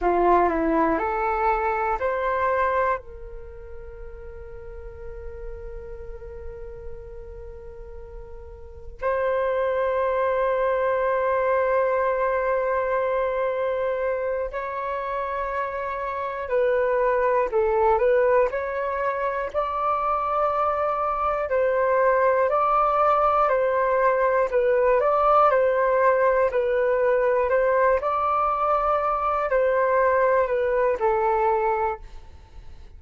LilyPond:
\new Staff \with { instrumentName = "flute" } { \time 4/4 \tempo 4 = 60 f'8 e'8 a'4 c''4 ais'4~ | ais'1~ | ais'4 c''2.~ | c''2~ c''8 cis''4.~ |
cis''8 b'4 a'8 b'8 cis''4 d''8~ | d''4. c''4 d''4 c''8~ | c''8 b'8 d''8 c''4 b'4 c''8 | d''4. c''4 b'8 a'4 | }